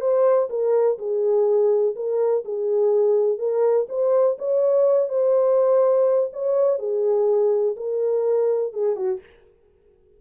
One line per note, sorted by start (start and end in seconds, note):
0.00 0.48 C5
0.49 0.98 A#4
0.98 1.95 G#4
1.95 2.44 A#4
2.45 3.38 G#4
3.38 3.86 A#4
3.88 4.37 C5
4.38 5.09 C#5
5.09 6.30 C5
6.32 6.78 C#5
6.78 7.75 G#4
7.76 8.73 A#4
8.73 8.96 G#4
8.96 9.20 F#4